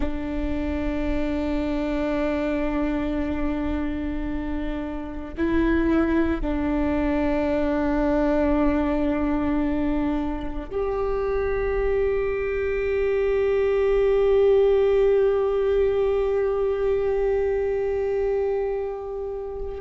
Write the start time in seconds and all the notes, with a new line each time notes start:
0.00 D4
5.37 E4
6.41 D4
10.71 G4